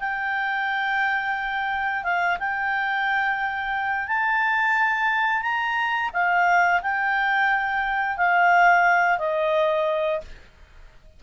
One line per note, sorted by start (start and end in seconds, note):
0.00 2.04 G5
2.04 2.38 F5
2.40 4.08 G5
4.08 5.43 A5
5.43 6.11 A#5
6.14 6.82 F5
6.82 8.18 G5
8.18 9.19 F5
9.19 10.21 D#5